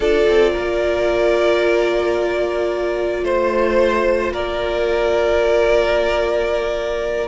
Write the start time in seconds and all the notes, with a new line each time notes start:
0.00 D4 F4 A4 D5
0.28 C4
0.51 A#3 A#4
3.23 A3 C5
4.31 A#3 A#4 D5